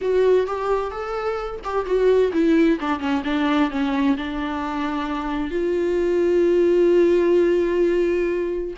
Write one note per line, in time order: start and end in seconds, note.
0.01 0.46 F#4
0.46 0.91 G4
0.91 1.60 A4
1.64 1.85 G4
1.85 2.31 F#4
2.32 2.78 E4
2.80 2.99 D4
2.99 3.22 C#4
3.24 3.70 D4
3.70 4.16 C#4
4.17 5.50 D4
5.50 8.74 F4